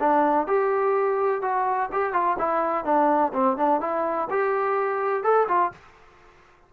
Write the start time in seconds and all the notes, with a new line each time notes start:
0.00 D4
0.47 G4
1.42 F#4
1.92 G4
2.13 F4
2.39 E4
2.85 D4
3.34 C4
3.57 D4
3.81 E4
4.30 G4
5.24 A4
5.48 F4